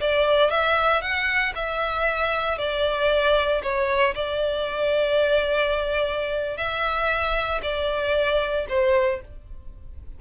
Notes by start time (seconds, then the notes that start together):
0.00 D5
0.50 E5
1.01 F#5
1.55 E5
2.58 D5
3.63 C#5
4.14 D5
6.57 E5
7.62 D5
8.69 C5